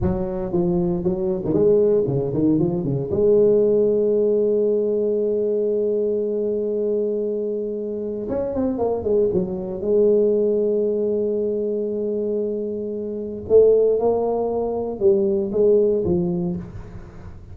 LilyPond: \new Staff \with { instrumentName = "tuba" } { \time 4/4 \tempo 4 = 116 fis4 f4 fis8. dis16 gis4 | cis8 dis8 f8 cis8 gis2~ | gis1~ | gis1 |
cis'8 c'8 ais8 gis8 fis4 gis4~ | gis1~ | gis2 a4 ais4~ | ais4 g4 gis4 f4 | }